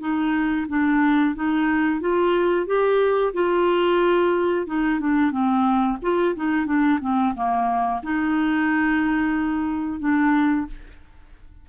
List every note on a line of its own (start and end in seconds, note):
0.00 0.67 D#4
0.68 1.35 D4
1.35 2.01 D#4
2.01 2.66 F4
2.66 3.33 G4
3.34 4.67 F4
4.67 5.00 D#4
5.00 5.31 D4
5.31 5.98 C4
6.02 6.35 F4
6.36 6.66 D#4
6.66 7.00 D4
7.01 7.35 C4
7.35 8.02 A#3
8.03 10.00 D#4
10.00 10.66 D4